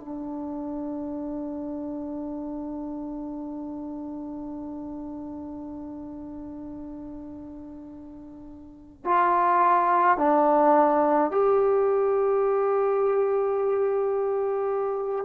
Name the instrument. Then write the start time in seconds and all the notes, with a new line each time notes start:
trombone
0.00 D4
9.05 F4
10.18 D4
11.32 G4